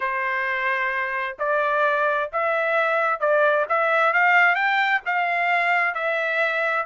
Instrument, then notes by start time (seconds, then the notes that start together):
trumpet
0.00 C5
1.38 D5
2.32 E5
3.19 D5
3.68 E5
4.13 F5
4.55 G5
5.05 F5
5.94 E5